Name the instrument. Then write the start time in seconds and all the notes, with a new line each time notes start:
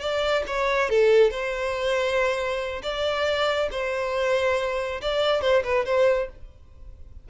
violin
0.00 D5
0.47 C#5
0.89 A4
1.31 C5
2.83 D5
3.71 C5
5.01 D5
5.41 C5
5.64 B4
5.85 C5